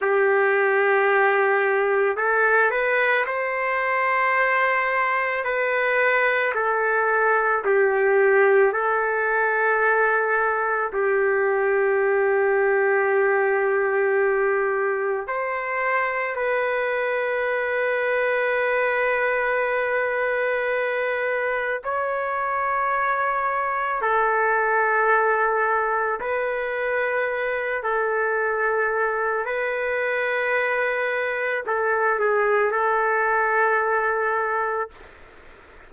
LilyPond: \new Staff \with { instrumentName = "trumpet" } { \time 4/4 \tempo 4 = 55 g'2 a'8 b'8 c''4~ | c''4 b'4 a'4 g'4 | a'2 g'2~ | g'2 c''4 b'4~ |
b'1 | cis''2 a'2 | b'4. a'4. b'4~ | b'4 a'8 gis'8 a'2 | }